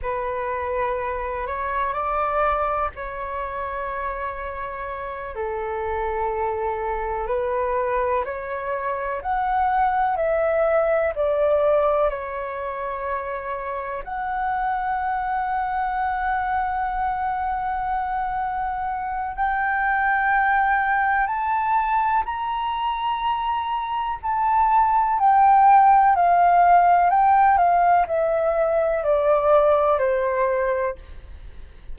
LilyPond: \new Staff \with { instrumentName = "flute" } { \time 4/4 \tempo 4 = 62 b'4. cis''8 d''4 cis''4~ | cis''4. a'2 b'8~ | b'8 cis''4 fis''4 e''4 d''8~ | d''8 cis''2 fis''4.~ |
fis''1 | g''2 a''4 ais''4~ | ais''4 a''4 g''4 f''4 | g''8 f''8 e''4 d''4 c''4 | }